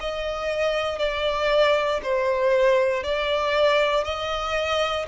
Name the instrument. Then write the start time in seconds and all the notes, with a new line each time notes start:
violin
0.00 D#5
0.99 D5
2.03 C5
3.04 D5
4.04 D#5